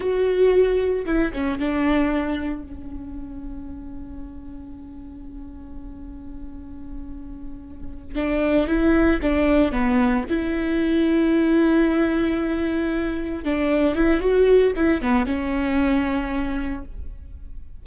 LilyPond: \new Staff \with { instrumentName = "viola" } { \time 4/4 \tempo 4 = 114 fis'2 e'8 cis'8 d'4~ | d'4 cis'2.~ | cis'1~ | cis'2.~ cis'8 d'8~ |
d'8 e'4 d'4 b4 e'8~ | e'1~ | e'4. d'4 e'8 fis'4 | e'8 b8 cis'2. | }